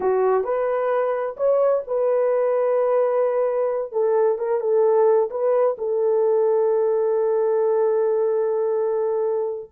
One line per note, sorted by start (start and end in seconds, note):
0.00 0.43 F#4
0.43 1.36 B4
1.36 1.82 C#5
1.87 3.92 B4
3.92 4.38 A4
4.38 4.60 A#4
4.60 5.29 A4
5.30 5.76 B4
5.78 9.70 A4